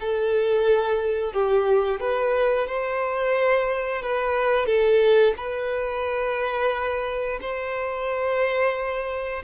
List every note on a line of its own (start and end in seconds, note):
0.00 1.33 A4
1.33 2.00 G4
2.00 2.68 B4
2.68 4.02 C5
4.02 4.66 B4
4.66 5.34 A4
5.37 7.39 B4
7.41 9.43 C5